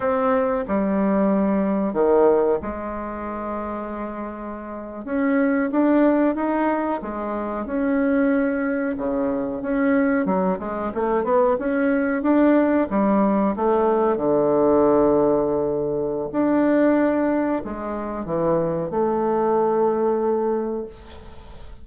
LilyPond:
\new Staff \with { instrumentName = "bassoon" } { \time 4/4 \tempo 4 = 92 c'4 g2 dis4 | gis2.~ gis8. cis'16~ | cis'8. d'4 dis'4 gis4 cis'16~ | cis'4.~ cis'16 cis4 cis'4 fis16~ |
fis16 gis8 a8 b8 cis'4 d'4 g16~ | g8. a4 d2~ d16~ | d4 d'2 gis4 | e4 a2. | }